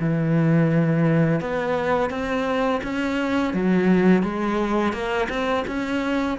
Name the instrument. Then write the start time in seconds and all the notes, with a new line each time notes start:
cello
0.00 E3
1.41 B3
2.10 C4
2.83 C#4
3.54 F#3
4.23 G#3
4.93 A#3
5.29 C4
5.68 C#4